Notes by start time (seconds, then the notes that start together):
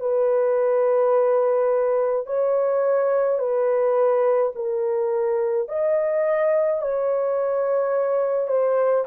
0.00 B4
2.26 C#5
3.39 B4
4.55 A#4
5.68 D#5
6.81 C#5
8.48 C5